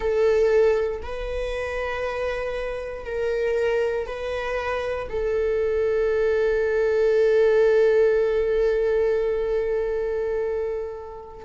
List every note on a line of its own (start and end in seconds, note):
0.00 1.01 A4
1.02 3.05 B4
3.05 4.06 A#4
4.06 5.08 B4
5.09 11.45 A4